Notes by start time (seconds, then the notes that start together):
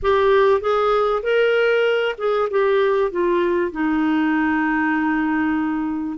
0.02 G4
0.60 G#4
1.22 A#4
2.18 G#4
2.50 G4
3.11 F4
3.71 D#4